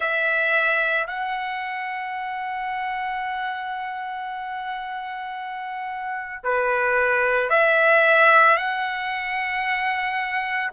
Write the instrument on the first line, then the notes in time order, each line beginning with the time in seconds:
trumpet
0.00 E5
1.06 F#5
6.43 B4
7.49 E5
8.56 F#5